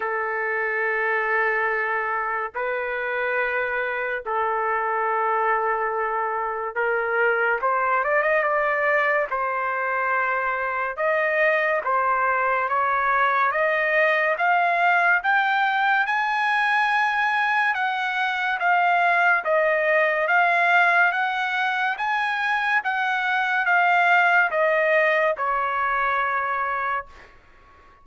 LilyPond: \new Staff \with { instrumentName = "trumpet" } { \time 4/4 \tempo 4 = 71 a'2. b'4~ | b'4 a'2. | ais'4 c''8 d''16 dis''16 d''4 c''4~ | c''4 dis''4 c''4 cis''4 |
dis''4 f''4 g''4 gis''4~ | gis''4 fis''4 f''4 dis''4 | f''4 fis''4 gis''4 fis''4 | f''4 dis''4 cis''2 | }